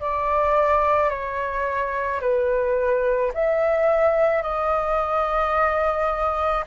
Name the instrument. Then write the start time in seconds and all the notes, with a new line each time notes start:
flute
0.00 D5
1.09 C#5
2.21 B4
3.34 E5
4.42 D#5